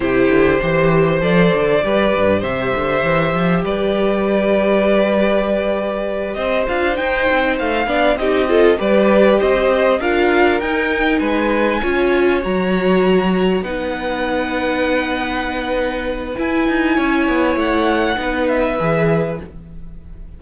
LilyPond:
<<
  \new Staff \with { instrumentName = "violin" } { \time 4/4 \tempo 4 = 99 c''2 d''2 | e''2 d''2~ | d''2~ d''8 dis''8 f''8 g''8~ | g''8 f''4 dis''4 d''4 dis''8~ |
dis''8 f''4 g''4 gis''4.~ | gis''8 ais''2 fis''4.~ | fis''2. gis''4~ | gis''4 fis''4. e''4. | }
  \new Staff \with { instrumentName = "violin" } { \time 4/4 g'4 c''2 b'4 | c''2 b'2~ | b'2~ b'8 c''4.~ | c''4 d''8 g'8 a'8 b'4 c''8~ |
c''8 ais'2 b'4 cis''8~ | cis''2~ cis''8 b'4.~ | b'1 | cis''2 b'2 | }
  \new Staff \with { instrumentName = "viola" } { \time 4/4 e'4 g'4 a'4 g'4~ | g'1~ | g'2. f'8 dis'8~ | dis'4 d'8 dis'8 f'8 g'4.~ |
g'8 f'4 dis'2 f'8~ | f'8 fis'2 dis'4.~ | dis'2. e'4~ | e'2 dis'4 gis'4 | }
  \new Staff \with { instrumentName = "cello" } { \time 4/4 c8 d8 e4 f8 d8 g8 g,8 | c8 d8 e8 f8 g2~ | g2~ g8 c'8 d'8 dis'8 | c'8 a8 b8 c'4 g4 c'8~ |
c'8 d'4 dis'4 gis4 cis'8~ | cis'8 fis2 b4.~ | b2. e'8 dis'8 | cis'8 b8 a4 b4 e4 | }
>>